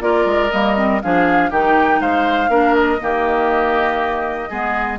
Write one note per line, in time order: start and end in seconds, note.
0.00 0.25 A#3
0.00 0.50 F4
0.00 1.02 A#4
0.00 0.51 D5
0.25 0.50 G#3
0.51 1.02 G3
0.51 0.76 A#3
0.51 1.00 D#5
0.76 1.01 C4
1.01 1.50 F3
1.01 1.52 D4
1.01 1.50 G#4
1.01 1.51 F5
1.50 2.00 D#3
1.50 2.49 D#4
1.50 1.99 G4
1.50 2.00 G5
2.00 2.48 G#3
2.00 2.50 C5
2.00 2.74 F5
2.48 2.98 A#3
2.48 2.99 D4
2.48 2.99 A#4
2.74 4.97 D#5
3.00 4.50 D#3
3.00 4.49 A#3
3.00 4.49 G4
4.49 4.98 G#3
4.49 4.98 B3
4.49 4.98 G#4